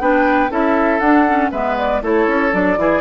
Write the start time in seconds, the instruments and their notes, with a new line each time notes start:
0.00 bassoon B3, clarinet D4, oboe B4, flute G5
0.50 bassoon C#4, clarinet E4, oboe A4, flute E5
0.99 bassoon D4, clarinet D4, flute F#5
1.27 clarinet C#4
1.51 bassoon G#3, clarinet B3, oboe B4, flute E5
1.78 flute D5
2.02 bassoon A3, clarinet E4, oboe A4, flute C#5
2.27 bassoon C#4
2.52 bassoon F#3, clarinet D4, flute D5
2.77 bassoon E3, clarinet E4, oboe G#4